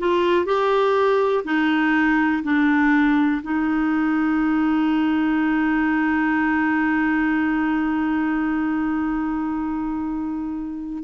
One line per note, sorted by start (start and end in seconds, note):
0.00 0.46 F4
0.46 1.44 G4
1.45 2.43 D#4
2.44 3.42 D4
3.43 11.04 D#4